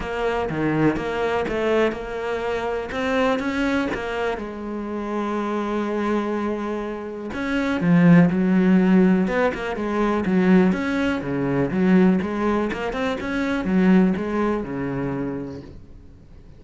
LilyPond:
\new Staff \with { instrumentName = "cello" } { \time 4/4 \tempo 4 = 123 ais4 dis4 ais4 a4 | ais2 c'4 cis'4 | ais4 gis2.~ | gis2. cis'4 |
f4 fis2 b8 ais8 | gis4 fis4 cis'4 cis4 | fis4 gis4 ais8 c'8 cis'4 | fis4 gis4 cis2 | }